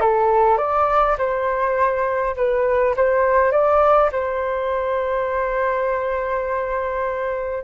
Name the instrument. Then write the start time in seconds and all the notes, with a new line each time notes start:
flute
0.00 A4
0.57 D5
1.18 C5
2.36 B4
2.96 C5
3.51 D5
4.12 C5